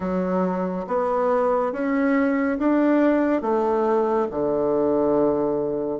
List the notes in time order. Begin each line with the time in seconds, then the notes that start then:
0.00 F#3
0.87 B3
1.72 C#4
2.58 D4
3.41 A3
4.31 D3